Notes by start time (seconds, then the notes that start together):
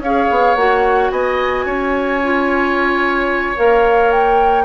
0.00 C#4 G#4 C#5 F5
0.31 B3
0.56 A#3 F#4 F#5
1.11 B3 D#5 G#5
1.66 C#4 C#5
2.23 F4
3.56 A#3 A#4 F5
4.12 G5